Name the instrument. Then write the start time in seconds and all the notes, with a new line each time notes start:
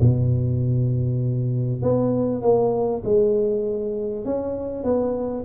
tuba
0.00 B2
1.82 B3
2.42 A#3
3.04 G#3
4.25 C#4
4.83 B3